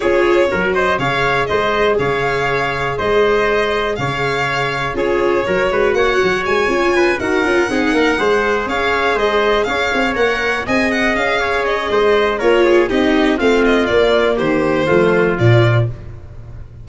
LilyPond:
<<
  \new Staff \with { instrumentName = "violin" } { \time 4/4 \tempo 4 = 121 cis''4. dis''8 f''4 dis''4 | f''2 dis''2 | f''2 cis''2 | fis''4 gis''4. fis''4.~ |
fis''4. f''4 dis''4 f''8~ | f''8 fis''4 gis''8 fis''8 f''4 dis''8~ | dis''4 cis''4 dis''4 f''8 dis''8 | d''4 c''2 d''4 | }
  \new Staff \with { instrumentName = "trumpet" } { \time 4/4 gis'4 ais'8 c''8 cis''4 c''4 | cis''2 c''2 | cis''2 gis'4 ais'8 b'8 | cis''2 b'8 ais'4 gis'8 |
ais'8 c''4 cis''4 c''4 cis''8~ | cis''4. dis''4. cis''4 | c''4 ais'8 gis'8 g'4 f'4~ | f'4 g'4 f'2 | }
  \new Staff \with { instrumentName = "viola" } { \time 4/4 f'4 fis'4 gis'2~ | gis'1~ | gis'2 f'4 fis'4~ | fis'4. f'4 fis'8 f'8 dis'8~ |
dis'8 gis'2.~ gis'8~ | gis'8 ais'4 gis'2~ gis'8~ | gis'4 f'4 dis'4 c'4 | ais2 a4 f4 | }
  \new Staff \with { instrumentName = "tuba" } { \time 4/4 cis'4 fis4 cis4 gis4 | cis2 gis2 | cis2 cis'4 fis8 gis8 | ais8 fis8 gis8 cis'4 dis'8 cis'8 c'8 |
ais8 gis4 cis'4 gis4 cis'8 | c'8 ais4 c'4 cis'4. | gis4 ais4 c'4 a4 | ais4 dis4 f4 ais,4 | }
>>